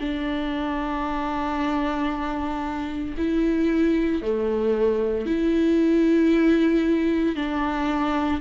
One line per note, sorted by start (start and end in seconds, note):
0.00 3.16 D4
3.18 4.22 E4
4.22 5.26 A3
5.26 7.36 E4
7.36 8.42 D4